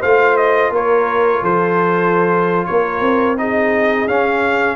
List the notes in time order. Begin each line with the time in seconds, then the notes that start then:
0.00 A3 F4 C5 F5
0.36 D#5
0.71 A#3 A#4 C#5
1.42 F3 A4 C5
2.66 A#3 A#4 C#5
3.01 C4
3.37 D#4 G#4 D#5
4.07 C#4 F5